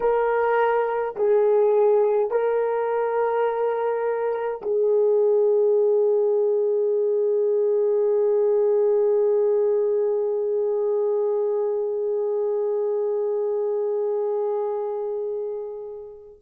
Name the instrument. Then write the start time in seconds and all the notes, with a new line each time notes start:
horn
0.00 A#4
1.15 G#4
2.30 A#4
4.62 G#4